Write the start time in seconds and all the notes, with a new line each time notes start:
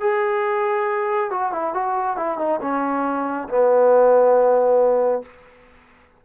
0.00 G#4
1.30 F#4
1.52 E4
1.74 F#4
2.17 E4
2.38 D#4
2.61 C#4
3.48 B3